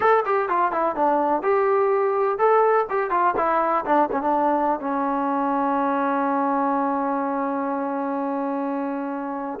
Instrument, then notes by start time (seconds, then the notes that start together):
trombone
0.00 A4
0.25 G4
0.48 F4
0.71 E4
0.95 D4
1.42 G4
2.38 A4
2.89 G4
3.10 F4
3.36 E4
3.85 D4
4.11 C#4
4.21 D4
4.79 C#4